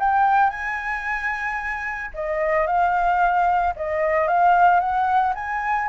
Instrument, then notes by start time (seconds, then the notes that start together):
flute
0.00 G5
0.50 G#5
2.14 D#5
2.67 F5
3.76 D#5
4.28 F5
4.80 F#5
5.35 G#5